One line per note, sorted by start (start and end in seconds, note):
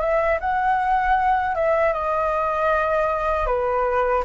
0.00 0.38 E5
0.40 1.55 F#5
1.55 1.93 E5
1.93 3.46 D#5
3.46 4.23 B4